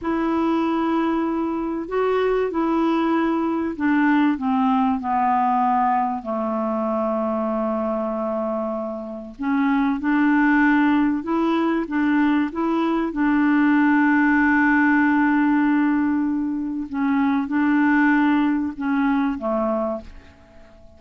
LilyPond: \new Staff \with { instrumentName = "clarinet" } { \time 4/4 \tempo 4 = 96 e'2. fis'4 | e'2 d'4 c'4 | b2 a2~ | a2. cis'4 |
d'2 e'4 d'4 | e'4 d'2.~ | d'2. cis'4 | d'2 cis'4 a4 | }